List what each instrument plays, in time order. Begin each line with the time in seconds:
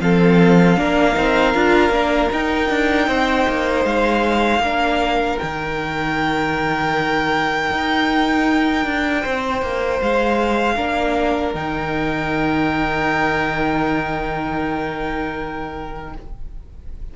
0.00 cello F3, viola C4, violin A4 F5
0.77 cello A#3, viola D4, violin A#4
1.13 cello C4, viola D#4
1.54 cello D4, viola F4
1.89 cello A#3, viola D4
2.31 viola D#4, cello D#4, violin G5
2.69 cello D4
3.07 cello C4, violin C5
3.48 cello A#3
3.84 cello G#3, violin F5
4.59 cello A#3, viola D4, violin A#4
5.38 cello D#3, viola D#4, violin G5
7.70 cello D#4
8.85 cello D4
9.21 cello C4, violin C5
9.62 cello A#3
10.02 cello G#3, violin F5
10.75 cello A#3, viola D4, violin A#4
11.53 cello D#3, viola D#4, violin G5